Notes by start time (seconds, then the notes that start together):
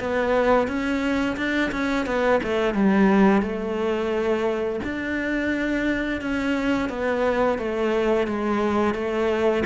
0.00 B3
0.67 C#4
1.37 D4
1.71 C#4
2.06 B3
2.43 A3
2.74 G3
3.42 A3
4.84 D4
6.21 C#4
6.89 B3
7.58 A3
8.27 G#3
8.94 A3